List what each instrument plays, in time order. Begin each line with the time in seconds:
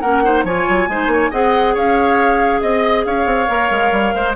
0.00 bassoon A#3, clarinet C#4, oboe A#4, flute F#5
0.24 clarinet D#4, oboe C5
0.44 bassoon F3, clarinet F4, oboe C#5, flute G#5
0.69 bassoon F#3
0.88 bassoon G#3, clarinet D#4, oboe C5
1.07 bassoon A#3, oboe C#5
1.31 bassoon C4, clarinet G#4, oboe D#5, flute F#5
1.74 bassoon C#4, oboe C#5, flute F5
2.61 bassoon C4, flute D#5, oboe D#5
3.05 bassoon C#4, oboe C#5, flute F5
3.26 bassoon C4
3.48 bassoon A#3, clarinet A#4
3.70 bassoon G#3
3.92 bassoon G3
4.14 bassoon G#3, oboe C5